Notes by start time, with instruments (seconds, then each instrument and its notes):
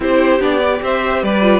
0.00 cello C4, viola E4, violin G4 C5
0.39 cello B3, viola D4, violin D5
0.62 viola G4
0.82 cello C4, violin C5 E5
1.22 cello G3, violin B4 D5
1.42 viola F4